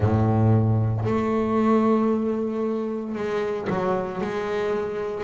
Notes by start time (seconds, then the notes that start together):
0.00 A2
1.05 A3
3.15 G#3
3.69 F#3
4.21 G#3